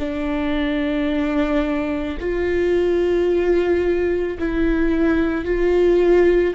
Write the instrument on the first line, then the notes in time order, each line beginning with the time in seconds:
viola
0.00 D4
2.21 F4
4.39 E4
5.45 F4